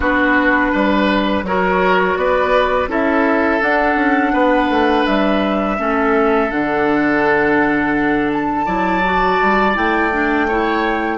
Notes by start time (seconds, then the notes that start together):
0.00 B3 D4 F#4 B4
0.72 G3 B4
1.43 F#3 F#4 A#4 C#5
2.16 B3 B4 D5
2.87 C#4 E4 A4 E5
3.62 D4 F#5
3.95 C#4
4.32 B3 B4
4.69 A3
5.06 G3 E5
5.77 A3 C#4 A4
6.50 D3 D4 F#5
8.32 A5
8.65 F#3 E4 D5
9.04 F#4
9.41 G3
9.74 A3 E4 G5
10.12 D4
10.48 E4 C#5